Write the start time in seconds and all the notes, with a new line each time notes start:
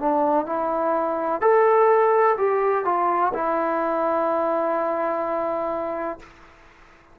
0.00 D4
0.46 E4
1.41 A4
2.38 G4
2.85 F4
3.34 E4